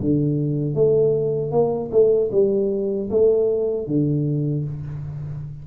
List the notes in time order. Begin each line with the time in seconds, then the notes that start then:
0.00 D3
0.74 A3
1.51 A#3
1.91 A3
2.31 G3
3.10 A3
3.87 D3